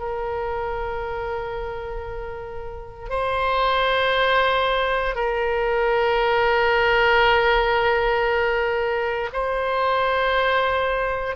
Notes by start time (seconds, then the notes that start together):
0.00 A#4
3.10 C5
5.16 A#4
9.33 C5